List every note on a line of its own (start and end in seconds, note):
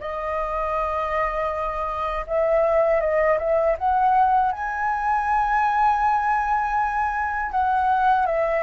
0.00 2.25 D#5
2.27 3.00 E5
3.00 3.38 D#5
3.39 3.76 E5
3.78 4.51 F#5
4.51 7.51 G#5
7.51 8.26 F#5
8.26 8.63 E5